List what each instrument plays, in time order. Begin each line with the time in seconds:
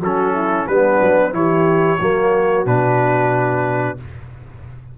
0.00 tuba F#3, trombone C#4, horn F#4, trumpet A4
0.34 horn E4
0.67 tuba G3, trombone B3, horn D4, trumpet B4
1.01 tuba F#3
1.32 tuba E3, trombone E4, horn G4, trumpet C#5
1.99 tuba F#3, trombone A#3, horn F#4
2.66 tuba B2, trombone D4, trumpet B4